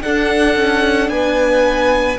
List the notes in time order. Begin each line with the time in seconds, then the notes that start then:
0.00 D4 A4 F#5
0.55 C#4
1.09 B3 B4 G#5